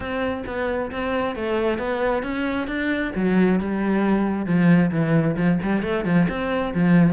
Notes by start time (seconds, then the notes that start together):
0.00 C4
0.46 B3
0.91 C4
1.35 A3
1.78 B3
2.22 C#4
2.67 D4
3.15 F#3
3.60 G3
4.46 F3
4.91 E3
5.36 F3
5.62 G3
5.82 A3
6.04 F3
6.28 C4
6.74 F3